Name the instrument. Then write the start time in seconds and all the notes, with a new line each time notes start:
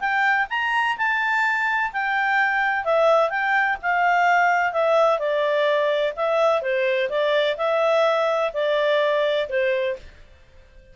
clarinet
0.00 G5
0.50 A#5
0.97 A5
1.93 G5
2.85 E5
3.30 G5
3.82 F5
4.73 E5
5.19 D5
6.17 E5
6.62 C5
7.10 D5
7.58 E5
8.54 D5
9.49 C5